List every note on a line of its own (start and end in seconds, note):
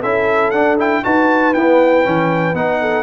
0.00 0.52 C#4
0.00 0.53 E4
0.00 1.02 A4
0.00 0.51 E5
0.51 1.03 D4
0.51 0.78 D4
0.51 0.76 F#5
0.78 1.03 E4
0.78 1.04 G5
1.03 1.55 D#4
1.03 1.54 F#4
1.03 2.80 B4
1.03 1.54 A5
1.54 2.03 B3
1.54 2.06 E4
1.54 2.55 G5
2.03 2.54 E3
2.03 2.54 C#4
2.54 3.03 B3
2.54 3.03 D#4
2.54 3.03 F#5
2.80 3.03 A4